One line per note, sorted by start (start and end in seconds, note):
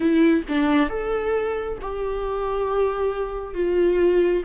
0.00 0.43 E4
0.48 0.89 D4
0.89 1.78 A4
1.81 3.54 G4
3.54 4.43 F4